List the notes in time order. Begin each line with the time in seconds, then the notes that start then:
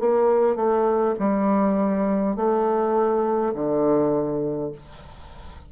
0.00 A#3
0.56 A3
1.20 G3
2.37 A3
3.55 D3